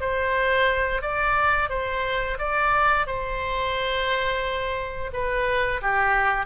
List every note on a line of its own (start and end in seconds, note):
0.00 1.02 C5
1.02 1.70 D5
1.70 2.38 C5
2.39 3.07 D5
3.07 5.11 C5
5.13 5.81 B4
5.82 6.46 G4